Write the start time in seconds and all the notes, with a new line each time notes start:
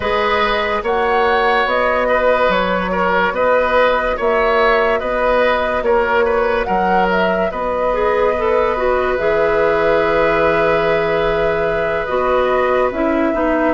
0.00 G#3 G#4 B4 D#5
0.82 A#3 F#4 C#5 F#5
1.65 B3 D#5
2.07 B4
2.48 F#3 C#5
2.91 A#4
3.31 B3 B4 D#5
4.16 A#3 C#5 E5
4.99 B3 B4 D#5
5.81 A#3 A#4 C#5
6.24 B4
6.64 F#3 A#4 F#5
7.11 E5
7.51 B3 B4 D#5
7.92 G#4
8.38 A4
8.76 F#4
9.16 E3 G#4 E5
12.05 B3 F#4 D#5
12.91 C#4 E4 E5
13.33 B3 D#4